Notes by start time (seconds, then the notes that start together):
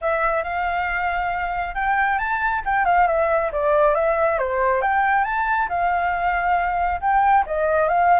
0.01 E5
0.43 F5
1.75 G5
2.18 A5
2.65 G5
2.85 F5
3.07 E5
3.52 D5
3.94 E5
4.38 C5
4.81 G5
5.24 A5
5.69 F5
7.00 G5
7.46 D#5
7.88 F5